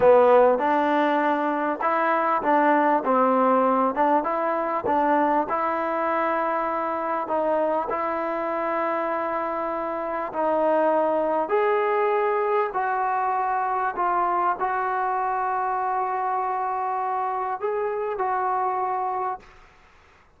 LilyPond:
\new Staff \with { instrumentName = "trombone" } { \time 4/4 \tempo 4 = 99 b4 d'2 e'4 | d'4 c'4. d'8 e'4 | d'4 e'2. | dis'4 e'2.~ |
e'4 dis'2 gis'4~ | gis'4 fis'2 f'4 | fis'1~ | fis'4 gis'4 fis'2 | }